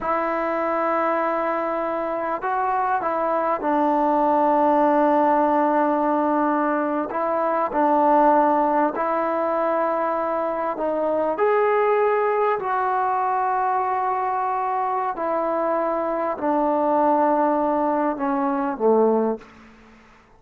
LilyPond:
\new Staff \with { instrumentName = "trombone" } { \time 4/4 \tempo 4 = 99 e'1 | fis'4 e'4 d'2~ | d'2.~ d'8. e'16~ | e'8. d'2 e'4~ e'16~ |
e'4.~ e'16 dis'4 gis'4~ gis'16~ | gis'8. fis'2.~ fis'16~ | fis'4 e'2 d'4~ | d'2 cis'4 a4 | }